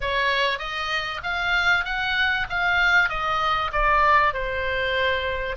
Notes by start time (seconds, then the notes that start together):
0.00 C#5
0.58 D#5
1.23 F5
1.84 F#5
2.49 F5
3.09 D#5
3.72 D5
4.33 C5